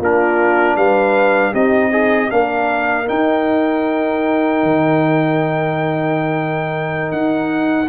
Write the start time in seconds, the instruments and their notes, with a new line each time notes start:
0.00 tuba A#3, trombone D4, horn F4, trumpet A#4
0.76 tuba G3, horn B4, trumpet F5
1.52 tuba C4, trombone D#4, horn G4, trumpet D#5
1.92 horn D#4, trombone G#4
2.30 tuba A#3, trombone D4, horn A#4, trumpet F5
3.06 trombone D#4, tuba D#4, trumpet G5
4.63 tuba D#3
7.12 tuba D#4, trumpet F#5